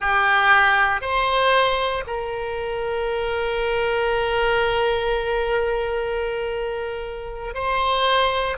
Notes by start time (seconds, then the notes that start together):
0.00 G4
1.01 C5
2.07 A#4
7.54 C5